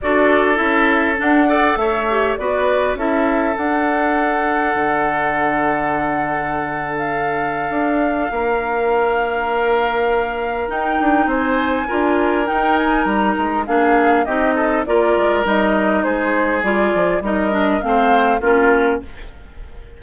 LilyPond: <<
  \new Staff \with { instrumentName = "flute" } { \time 4/4 \tempo 4 = 101 d''4 e''4 fis''4 e''4 | d''4 e''4 fis''2~ | fis''2.~ fis''8. f''16~ | f''1~ |
f''2 g''4 gis''4~ | gis''4 g''8 gis''8 ais''4 f''4 | dis''4 d''4 dis''4 c''4 | d''4 dis''4 f''4 ais'4 | }
  \new Staff \with { instrumentName = "oboe" } { \time 4/4 a'2~ a'8 d''8 cis''4 | b'4 a'2.~ | a'1~ | a'2 ais'2~ |
ais'2. c''4 | ais'2. gis'4 | g'8 a'8 ais'2 gis'4~ | gis'4 ais'4 c''4 f'4 | }
  \new Staff \with { instrumentName = "clarinet" } { \time 4/4 fis'4 e'4 d'8 a'4 g'8 | fis'4 e'4 d'2~ | d'1~ | d'1~ |
d'2 dis'2 | f'4 dis'2 d'4 | dis'4 f'4 dis'2 | f'4 dis'8 d'8 c'4 cis'4 | }
  \new Staff \with { instrumentName = "bassoon" } { \time 4/4 d'4 cis'4 d'4 a4 | b4 cis'4 d'2 | d1~ | d4 d'4 ais2~ |
ais2 dis'8 d'8 c'4 | d'4 dis'4 g8 gis8 ais4 | c'4 ais8 gis8 g4 gis4 | g8 f8 g4 a4 ais4 | }
>>